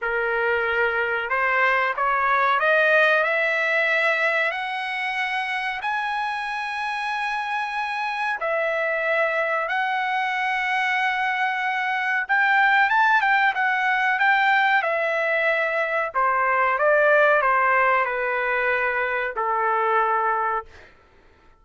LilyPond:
\new Staff \with { instrumentName = "trumpet" } { \time 4/4 \tempo 4 = 93 ais'2 c''4 cis''4 | dis''4 e''2 fis''4~ | fis''4 gis''2.~ | gis''4 e''2 fis''4~ |
fis''2. g''4 | a''8 g''8 fis''4 g''4 e''4~ | e''4 c''4 d''4 c''4 | b'2 a'2 | }